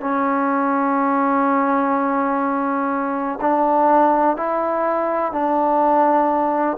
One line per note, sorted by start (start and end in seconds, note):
0.00 3.39 C#4
3.41 4.36 D4
4.36 5.32 E4
5.32 6.77 D4